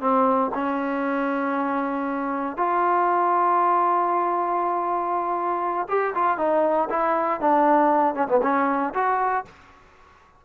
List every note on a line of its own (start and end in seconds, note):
0.00 0.51 C4
0.54 2.57 C#4
2.57 5.87 F4
5.88 6.14 G4
6.14 6.37 F4
6.37 6.88 D#4
6.89 7.40 E4
7.40 8.14 D4
8.14 8.27 C#4
8.28 8.40 B3
8.42 8.93 C#4
8.94 9.44 F#4